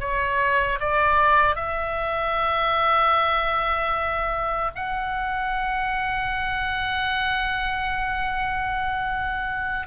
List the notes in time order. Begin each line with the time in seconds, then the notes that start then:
0.00 C#5
0.80 D5
1.55 E5
4.75 F#5